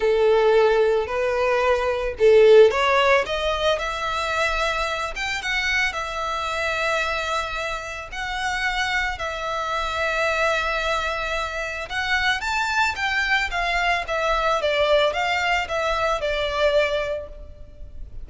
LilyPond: \new Staff \with { instrumentName = "violin" } { \time 4/4 \tempo 4 = 111 a'2 b'2 | a'4 cis''4 dis''4 e''4~ | e''4. g''8 fis''4 e''4~ | e''2. fis''4~ |
fis''4 e''2.~ | e''2 fis''4 a''4 | g''4 f''4 e''4 d''4 | f''4 e''4 d''2 | }